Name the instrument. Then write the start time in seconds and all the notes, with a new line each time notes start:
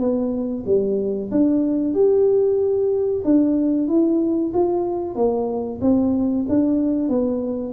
tuba
0.00 B3
0.66 G3
1.32 D4
1.94 G4
3.25 D4
3.88 E4
4.54 F4
5.16 A#3
5.82 C4
6.49 D4
7.09 B3